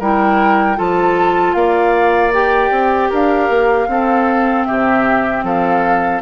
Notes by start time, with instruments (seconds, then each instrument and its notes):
0.00 bassoon G3, clarinet E4, oboe A#4, flute G5
0.76 bassoon F3, clarinet F4, oboe A4, flute A5
1.54 bassoon A#3, oboe D5, flute F5
2.33 clarinet G4, flute G5
2.71 bassoon C4
3.10 bassoon D4, oboe A#4, flute F5
3.50 bassoon A#3
3.88 bassoon C4, clarinet C4, oboe A4
4.66 bassoon C3, oboe G4, flute E5
5.44 bassoon F3, oboe A4, flute F5